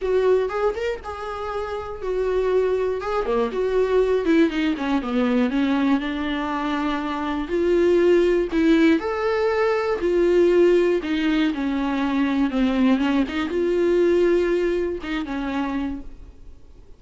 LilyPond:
\new Staff \with { instrumentName = "viola" } { \time 4/4 \tempo 4 = 120 fis'4 gis'8 ais'8 gis'2 | fis'2 gis'8 ais8 fis'4~ | fis'8 e'8 dis'8 cis'8 b4 cis'4 | d'2. f'4~ |
f'4 e'4 a'2 | f'2 dis'4 cis'4~ | cis'4 c'4 cis'8 dis'8 f'4~ | f'2 dis'8 cis'4. | }